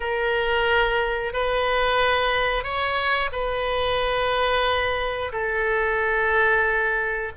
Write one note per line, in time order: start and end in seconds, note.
0.00 1.33 A#4
1.33 2.63 B4
2.63 3.30 C#5
3.32 5.32 B4
5.32 7.32 A4